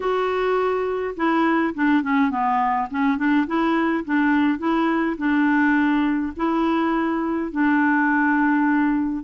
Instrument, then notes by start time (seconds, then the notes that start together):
clarinet
0.00 F#4
1.16 E4
1.74 D4
2.02 C#4
2.30 B3
2.90 C#4
3.17 D4
3.46 E4
4.05 D4
4.58 E4
5.17 D4
6.36 E4
7.51 D4